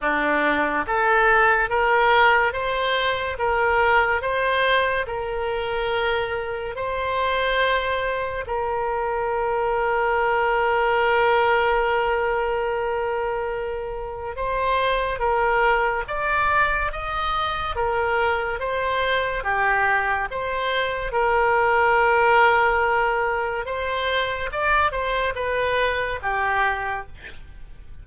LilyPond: \new Staff \with { instrumentName = "oboe" } { \time 4/4 \tempo 4 = 71 d'4 a'4 ais'4 c''4 | ais'4 c''4 ais'2 | c''2 ais'2~ | ais'1~ |
ais'4 c''4 ais'4 d''4 | dis''4 ais'4 c''4 g'4 | c''4 ais'2. | c''4 d''8 c''8 b'4 g'4 | }